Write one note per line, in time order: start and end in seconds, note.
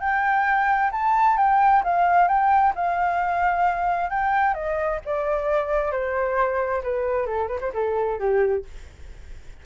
0.00 0.91 G5
0.92 1.37 A5
1.37 1.83 G5
1.83 2.28 F5
2.28 2.73 G5
2.75 4.10 F5
4.10 4.54 G5
4.54 5.00 D#5
5.05 5.92 D5
5.92 6.82 C5
6.83 7.26 B4
7.26 7.48 A4
7.48 7.59 B4
7.61 7.72 C5
7.74 8.19 A4
8.19 8.65 G4